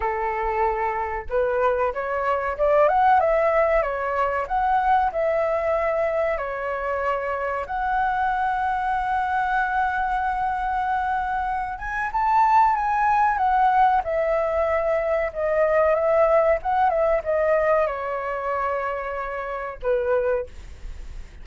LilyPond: \new Staff \with { instrumentName = "flute" } { \time 4/4 \tempo 4 = 94 a'2 b'4 cis''4 | d''8 fis''8 e''4 cis''4 fis''4 | e''2 cis''2 | fis''1~ |
fis''2~ fis''8 gis''8 a''4 | gis''4 fis''4 e''2 | dis''4 e''4 fis''8 e''8 dis''4 | cis''2. b'4 | }